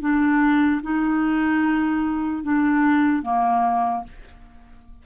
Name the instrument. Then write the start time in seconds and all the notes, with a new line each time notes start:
clarinet
0.00 D4
0.82 D#4
2.43 D4
3.22 A#3